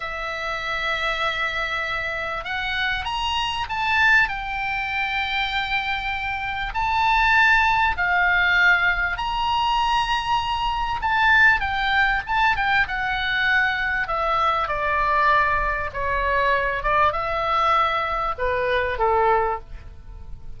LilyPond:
\new Staff \with { instrumentName = "oboe" } { \time 4/4 \tempo 4 = 98 e''1 | fis''4 ais''4 a''4 g''4~ | g''2. a''4~ | a''4 f''2 ais''4~ |
ais''2 a''4 g''4 | a''8 g''8 fis''2 e''4 | d''2 cis''4. d''8 | e''2 b'4 a'4 | }